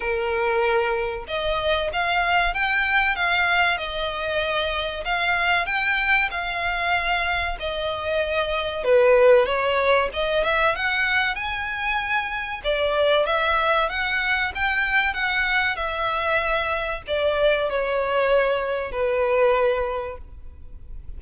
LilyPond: \new Staff \with { instrumentName = "violin" } { \time 4/4 \tempo 4 = 95 ais'2 dis''4 f''4 | g''4 f''4 dis''2 | f''4 g''4 f''2 | dis''2 b'4 cis''4 |
dis''8 e''8 fis''4 gis''2 | d''4 e''4 fis''4 g''4 | fis''4 e''2 d''4 | cis''2 b'2 | }